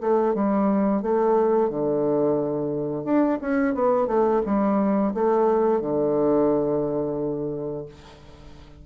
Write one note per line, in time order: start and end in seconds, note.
0.00 0.34 A3
0.34 1.02 G3
1.02 1.69 A3
1.69 3.04 D3
3.04 3.38 D4
3.41 3.74 C#4
3.74 4.07 B3
4.07 4.41 A3
4.45 5.13 G3
5.14 5.80 A3
5.80 7.85 D3